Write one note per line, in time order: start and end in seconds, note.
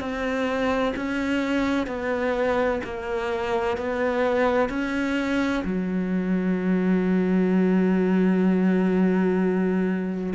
0.00 0.93 C4
0.96 1.87 C#4
1.87 2.81 B3
2.84 3.77 A#3
3.77 4.69 B3
4.69 5.63 C#4
5.64 10.33 F#3